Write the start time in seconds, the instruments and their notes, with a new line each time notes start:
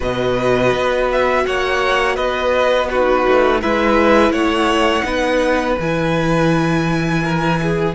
0.00 cello B2, viola F#4, violin B4 D#5
0.73 cello B3
1.11 violin E5
1.46 cello A#3, violin C#5 F#5
2.15 cello B3, violin B4 D#5
2.88 viola D#4, violin F#4 B4
3.27 cello A3
3.61 cello G#3, viola E4, violin B4 E5
4.30 cello A3, violin C#5 F#5
5.03 cello B3, viola D#4, violin B4
5.79 cello E3, viola E4, violin G#5
7.24 violin A#4
7.62 violin G#4